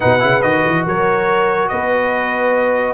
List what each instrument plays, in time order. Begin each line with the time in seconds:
0.00 tuba B2, trombone D#4, horn B4, trumpet F#5
0.19 tuba C#3, trombone E4
0.41 tuba D#3, trombone F#4, trumpet D#5
0.66 tuba E3
0.85 tuba F#3, horn A#4, trumpet C#5
1.68 tuba B3, horn B4, trumpet D#5